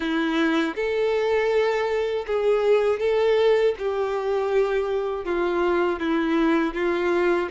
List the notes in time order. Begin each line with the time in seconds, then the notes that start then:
0.00 E4
0.75 A4
2.26 G#4
2.99 A4
3.78 G4
5.25 F4
5.99 E4
6.74 F4